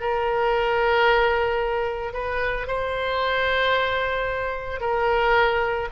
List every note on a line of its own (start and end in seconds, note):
0.00 2.13 A#4
2.13 2.67 B4
2.67 4.80 C5
4.80 5.88 A#4